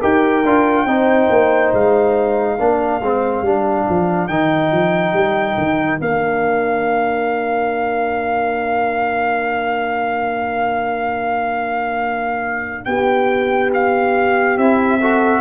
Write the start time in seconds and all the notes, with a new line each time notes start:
0.00 D#4 G4 A#4 G5
0.45 D4 F4
0.86 C4 D#4 C5
1.30 A#3
1.74 G#3 F5
2.59 A#3 D4 A#4
3.01 G#3 C4
3.42 G3 D4
3.89 F3
4.28 D#3 D#4 G5
4.72 F3
5.13 G3
5.57 D#3
6.01 A#3 D4 F5
12.85 B3 G4 G5
13.74 F5
14.58 C4 E4 E5
15.01 F#4 A4